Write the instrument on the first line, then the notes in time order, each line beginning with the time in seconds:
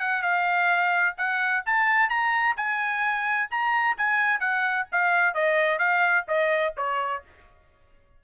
trumpet
0.00 F#5
0.22 F5
1.17 F#5
1.66 A5
2.09 A#5
2.57 G#5
3.51 A#5
3.97 G#5
4.40 F#5
4.92 F5
5.34 D#5
5.79 F5
6.28 D#5
6.77 C#5